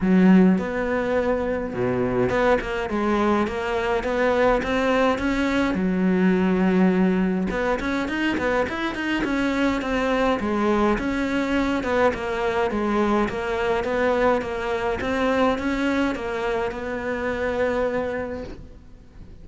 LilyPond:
\new Staff \with { instrumentName = "cello" } { \time 4/4 \tempo 4 = 104 fis4 b2 b,4 | b8 ais8 gis4 ais4 b4 | c'4 cis'4 fis2~ | fis4 b8 cis'8 dis'8 b8 e'8 dis'8 |
cis'4 c'4 gis4 cis'4~ | cis'8 b8 ais4 gis4 ais4 | b4 ais4 c'4 cis'4 | ais4 b2. | }